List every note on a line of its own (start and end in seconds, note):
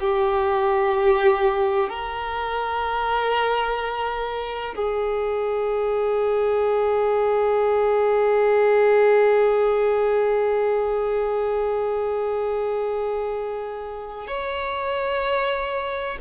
0.00 1.89 G4
1.89 4.75 A#4
4.76 14.27 G#4
14.27 16.18 C#5